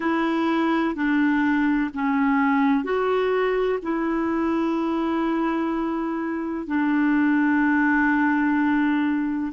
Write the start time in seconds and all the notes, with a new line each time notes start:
0.00 E4
0.95 D4
1.94 C#4
2.84 F#4
3.82 E4
6.66 D4